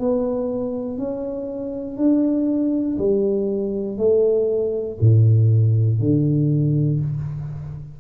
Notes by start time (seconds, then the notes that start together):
0.00 B3
0.99 C#4
1.98 D4
2.99 G3
3.98 A3
5.00 A2
6.00 D3